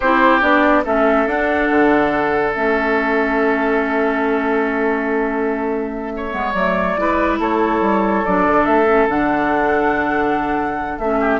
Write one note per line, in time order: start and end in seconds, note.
0.00 0.42 C4
0.00 0.41 E4
0.00 0.82 G4
0.00 0.41 C5
0.41 0.84 B3
0.41 0.83 D4
0.41 0.84 D5
0.84 1.26 A3
0.84 1.27 C#4
0.84 6.12 A4
0.84 1.28 E5
1.26 1.68 D4
1.26 2.54 D4
1.26 2.51 F#5
1.70 2.55 D3
2.51 6.33 A3
2.51 6.31 C#4
2.51 6.52 E5
6.16 7.00 C#5
6.31 6.54 G#3
6.31 6.52 B3
6.52 6.96 F#3
6.52 6.97 A3
6.52 7.37 D5
6.97 7.39 G#3
6.97 8.24 E4
6.97 7.39 B4
7.39 7.80 A3
7.39 11.20 A4
7.39 8.25 C#5
7.80 8.23 G3
8.25 8.46 F#3
8.25 8.86 D4
8.25 8.65 D5
8.46 8.67 D3
8.65 9.07 A3
8.65 9.07 E5
8.86 9.07 C#4
9.07 10.97 D3
9.07 11.00 D4
9.07 10.98 F#5
10.98 11.39 A3
10.98 11.39 C#4
10.98 11.39 E5
11.20 11.39 G4